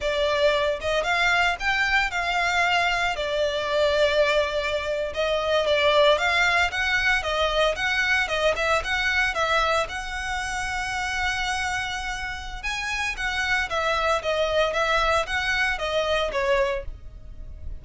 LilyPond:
\new Staff \with { instrumentName = "violin" } { \time 4/4 \tempo 4 = 114 d''4. dis''8 f''4 g''4 | f''2 d''2~ | d''4.~ d''16 dis''4 d''4 f''16~ | f''8. fis''4 dis''4 fis''4 dis''16~ |
dis''16 e''8 fis''4 e''4 fis''4~ fis''16~ | fis''1 | gis''4 fis''4 e''4 dis''4 | e''4 fis''4 dis''4 cis''4 | }